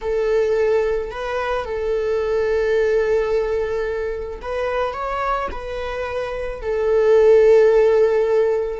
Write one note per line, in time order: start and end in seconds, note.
0.01 1.10 A4
1.10 1.64 B4
1.64 4.40 A4
4.41 4.93 B4
4.93 5.48 C#5
5.51 6.61 B4
6.61 8.80 A4